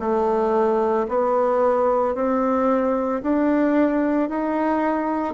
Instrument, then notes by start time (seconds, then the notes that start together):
bassoon
0.00 A3
1.09 B3
2.15 C4
3.23 D4
4.30 D#4